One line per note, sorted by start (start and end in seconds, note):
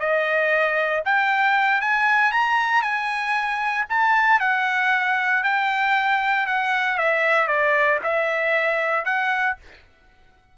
0.00 1.03 D#5
1.06 1.81 G5
1.81 2.32 G#5
2.32 2.82 A#5
2.82 3.86 G#5
3.90 4.40 A5
4.40 5.44 F#5
5.44 6.47 G5
6.47 6.98 F#5
6.98 7.48 E5
7.48 7.99 D5
8.04 9.05 E5
9.05 9.57 F#5